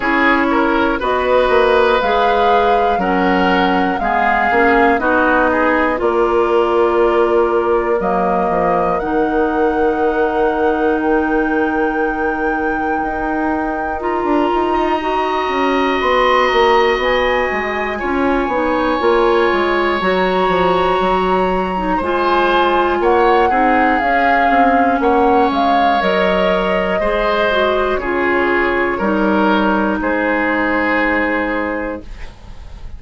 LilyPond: <<
  \new Staff \with { instrumentName = "flute" } { \time 4/4 \tempo 4 = 60 cis''4 dis''4 f''4 fis''4 | f''4 dis''4 d''2 | dis''4 fis''2 g''4~ | g''2 ais''2 |
c'''8 ais''8 gis''2. | ais''2 gis''4 fis''4 | f''4 fis''8 f''8 dis''2 | cis''2 c''2 | }
  \new Staff \with { instrumentName = "oboe" } { \time 4/4 gis'8 ais'8 b'2 ais'4 | gis'4 fis'8 gis'8 ais'2~ | ais'1~ | ais'2~ ais'8. dis''4~ dis''16~ |
dis''2 cis''2~ | cis''2 c''4 cis''8 gis'8~ | gis'4 cis''2 c''4 | gis'4 ais'4 gis'2 | }
  \new Staff \with { instrumentName = "clarinet" } { \time 4/4 e'4 fis'4 gis'4 cis'4 | b8 cis'8 dis'4 f'2 | ais4 dis'2.~ | dis'2 f'4 fis'4~ |
fis'2 f'8 dis'8 f'4 | fis'4.~ fis'16 dis'16 f'4. dis'8 | cis'2 ais'4 gis'8 fis'8 | f'4 dis'2. | }
  \new Staff \with { instrumentName = "bassoon" } { \time 4/4 cis'4 b8 ais8 gis4 fis4 | gis8 ais8 b4 ais2 | fis8 f8 dis2.~ | dis4 dis'4~ dis'16 d'16 dis'4 cis'8 |
b8 ais8 b8 gis8 cis'8 b8 ais8 gis8 | fis8 f8 fis4 gis4 ais8 c'8 | cis'8 c'8 ais8 gis8 fis4 gis4 | cis4 g4 gis2 | }
>>